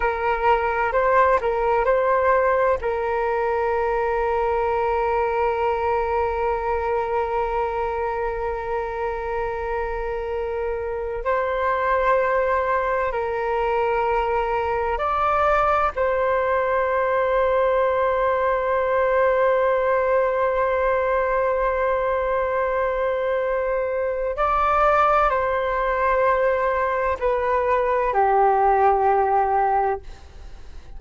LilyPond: \new Staff \with { instrumentName = "flute" } { \time 4/4 \tempo 4 = 64 ais'4 c''8 ais'8 c''4 ais'4~ | ais'1~ | ais'1 | c''2 ais'2 |
d''4 c''2.~ | c''1~ | c''2 d''4 c''4~ | c''4 b'4 g'2 | }